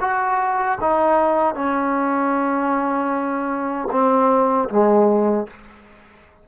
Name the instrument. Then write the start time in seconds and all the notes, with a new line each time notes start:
trombone
0.00 F#4
0.80 D#4
1.54 C#4
3.91 C4
4.69 G#3